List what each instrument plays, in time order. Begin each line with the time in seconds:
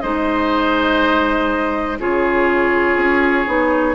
0.00 bassoon G#3, clarinet D#4, oboe C5, flute D#5
1.99 bassoon C#3, clarinet F4, oboe G#4, flute C#5
2.96 bassoon C#4
3.46 bassoon B3, clarinet D#4